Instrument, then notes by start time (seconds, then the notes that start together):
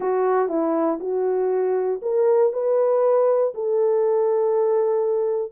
horn
0.00 F#4
0.49 E4
1.00 F#4
2.02 A#4
2.52 B4
3.54 A4